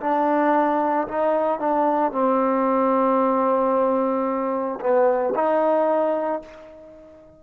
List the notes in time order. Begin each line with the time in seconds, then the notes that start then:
0.00 D4
1.08 D#4
1.59 D4
2.11 C4
4.80 B3
5.35 D#4